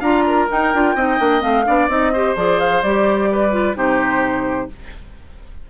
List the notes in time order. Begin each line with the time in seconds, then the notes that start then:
0.00 D4 F4 F5 A#5
0.27 A#4
0.50 D#4 G5
0.74 D4 F4
0.95 C4 D#4 D#5
1.19 A#3 D4
1.41 A3 C4 F5
1.66 B3 D4 D5
1.89 C4 D#4 D#5
2.13 G4 C5
2.36 F3 G#4 D5
2.60 F5
2.83 G3 G4 D5
3.32 B4
3.51 F4
3.75 C3 D#4 G4 C5